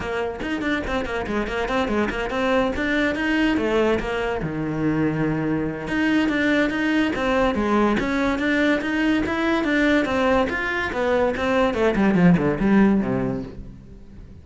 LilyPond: \new Staff \with { instrumentName = "cello" } { \time 4/4 \tempo 4 = 143 ais4 dis'8 d'8 c'8 ais8 gis8 ais8 | c'8 gis8 ais8 c'4 d'4 dis'8~ | dis'8 a4 ais4 dis4.~ | dis2 dis'4 d'4 |
dis'4 c'4 gis4 cis'4 | d'4 dis'4 e'4 d'4 | c'4 f'4 b4 c'4 | a8 g8 f8 d8 g4 c4 | }